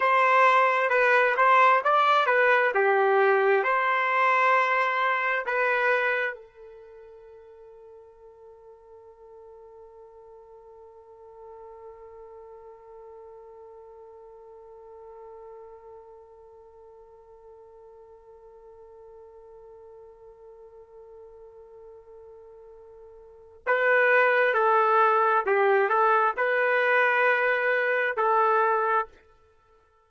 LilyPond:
\new Staff \with { instrumentName = "trumpet" } { \time 4/4 \tempo 4 = 66 c''4 b'8 c''8 d''8 b'8 g'4 | c''2 b'4 a'4~ | a'1~ | a'1~ |
a'1~ | a'1~ | a'2 b'4 a'4 | g'8 a'8 b'2 a'4 | }